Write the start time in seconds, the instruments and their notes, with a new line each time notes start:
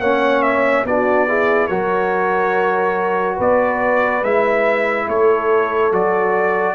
0.00 tuba A#3, trombone C#4, horn C#5, trumpet F#5
0.43 trumpet E5
0.85 tuba B3, trombone D4, horn F#4, trumpet D5
1.28 trombone E4, horn G#4
1.67 tuba F#3, trombone F#4, horn A#4, trumpet C#5
3.37 tuba B3, horn B4, trumpet D5
4.23 tuba G#3, trombone E4, trumpet E5
5.08 tuba A3, horn A4, trumpet C#5
5.92 tuba F#3, trombone F#4, trumpet D5